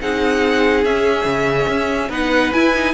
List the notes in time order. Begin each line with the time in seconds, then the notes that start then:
0.00 C4 D#4 G#4 F#5
0.84 C#4 E5
1.25 C#3
1.68 C#4
2.09 B3 D#4 B4 F#5
2.52 E4 G#5
2.75 D#4